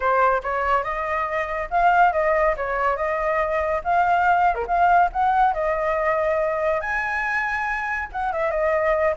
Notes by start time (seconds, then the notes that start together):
0.00 C5
0.43 C#5
0.83 D#5
1.70 F5
2.12 D#5
2.56 C#5
2.96 D#5
3.83 F5
4.54 A#4
4.67 F5
5.12 F#5
5.53 D#5
6.80 G#5
8.12 F#5
8.32 E5
8.50 D#5